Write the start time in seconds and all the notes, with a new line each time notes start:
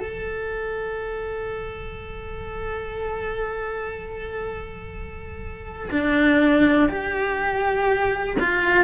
0.00 A4
5.92 D4
6.89 G4
8.40 F4